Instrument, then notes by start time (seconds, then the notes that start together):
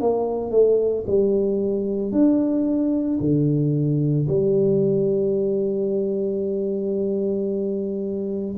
tuba
0.00 A#3
0.51 A3
1.07 G3
2.11 D4
3.20 D3
4.28 G3